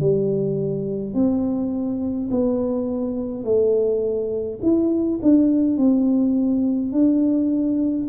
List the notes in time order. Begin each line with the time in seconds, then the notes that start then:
0.00 G3
1.14 C4
2.31 B3
3.44 A3
4.62 E4
5.22 D4
5.77 C4
6.92 D4